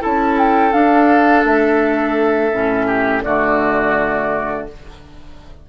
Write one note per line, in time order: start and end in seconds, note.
0.00 0.73 C#4
0.00 0.71 E4
0.00 2.87 A4
0.00 0.39 A5
0.39 0.73 G5
0.73 2.52 D4
0.73 1.45 D4
0.73 1.45 F5
1.45 2.52 A3
1.45 3.23 E5
2.52 3.25 A2
2.52 3.24 C#4
2.87 3.23 G4
3.23 4.69 D3
3.23 4.68 A3
3.23 4.68 F#4
3.23 4.66 D5